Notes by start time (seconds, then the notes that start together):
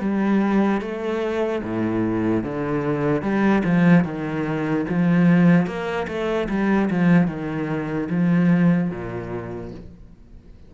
0.00 G3
0.81 A3
1.63 A2
2.43 D3
3.22 G3
3.64 F3
4.04 D#3
4.89 F3
5.66 A#3
6.08 A3
6.49 G3
6.91 F3
7.27 D#3
8.10 F3
8.90 A#2